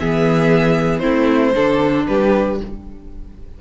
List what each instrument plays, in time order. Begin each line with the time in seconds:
0.00 cello E3, viola B3, violin G#4 E5
0.99 cello A3, viola C4, violin E4 C5
1.54 cello D3, viola D4, violin A4
2.07 cello G3, violin G4 B4